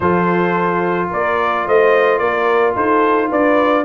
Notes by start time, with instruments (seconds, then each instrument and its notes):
0.00 tuba F3, trombone F4, horn A4, trumpet C5
1.10 tuba A#3, horn A#4, trumpet D5
1.67 tuba A3, horn C5, trumpet D#5
2.18 tuba A#3, horn A#4, trumpet D5
2.74 tuba D#4, horn A4, trumpet C5
3.28 tuba D4, horn B4, trumpet D5